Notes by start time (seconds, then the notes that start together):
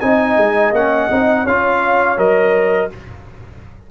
0.00 C4 D#4 D#5 G#5
0.36 G#3
0.72 A#3 C#4 F#5
1.10 C4 D#4
1.43 C#4 F4 C#5 F5
2.17 F#3 A#4 D#5